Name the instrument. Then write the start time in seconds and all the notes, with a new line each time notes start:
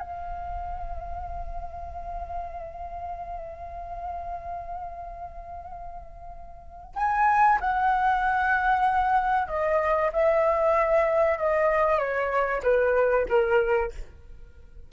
flute
0.00 F5
6.96 G#5
7.61 F#5
9.49 D#5
10.13 E5
11.39 D#5
11.99 C#5
12.63 B4
13.29 A#4